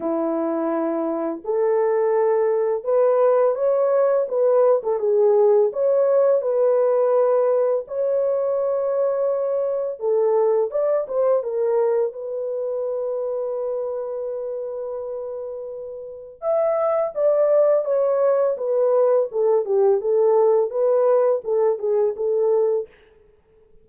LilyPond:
\new Staff \with { instrumentName = "horn" } { \time 4/4 \tempo 4 = 84 e'2 a'2 | b'4 cis''4 b'8. a'16 gis'4 | cis''4 b'2 cis''4~ | cis''2 a'4 d''8 c''8 |
ais'4 b'2.~ | b'2. e''4 | d''4 cis''4 b'4 a'8 g'8 | a'4 b'4 a'8 gis'8 a'4 | }